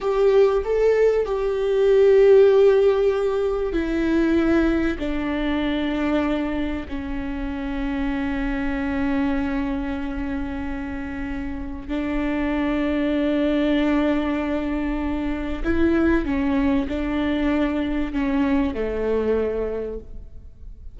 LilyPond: \new Staff \with { instrumentName = "viola" } { \time 4/4 \tempo 4 = 96 g'4 a'4 g'2~ | g'2 e'2 | d'2. cis'4~ | cis'1~ |
cis'2. d'4~ | d'1~ | d'4 e'4 cis'4 d'4~ | d'4 cis'4 a2 | }